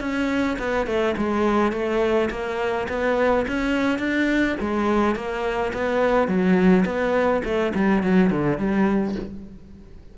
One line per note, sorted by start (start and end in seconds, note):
0.00 0.57 C#4
0.58 0.86 B3
0.86 1.15 A3
1.17 1.72 G#3
1.72 2.29 A3
2.30 2.87 A#3
2.88 3.45 B3
3.48 3.98 C#4
3.98 4.56 D4
4.60 5.15 G#3
5.15 5.72 A#3
5.74 6.28 B3
6.28 6.85 F#3
6.85 7.42 B3
7.44 7.73 A3
7.74 8.03 G3
8.03 8.30 F#3
8.30 8.58 D3
8.58 9.15 G3